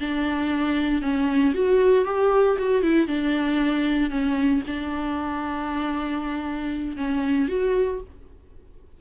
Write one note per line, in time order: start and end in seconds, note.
0.00 1.02 D4
1.02 1.53 C#4
1.54 2.05 F#4
2.05 2.57 G4
2.58 2.82 F#4
2.82 3.07 E4
3.07 4.10 D4
4.10 4.62 C#4
4.67 6.96 D4
6.96 7.48 C#4
7.48 8.00 F#4